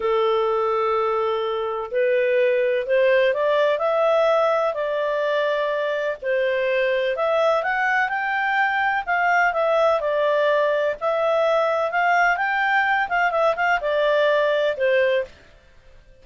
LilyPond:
\new Staff \with { instrumentName = "clarinet" } { \time 4/4 \tempo 4 = 126 a'1 | b'2 c''4 d''4 | e''2 d''2~ | d''4 c''2 e''4 |
fis''4 g''2 f''4 | e''4 d''2 e''4~ | e''4 f''4 g''4. f''8 | e''8 f''8 d''2 c''4 | }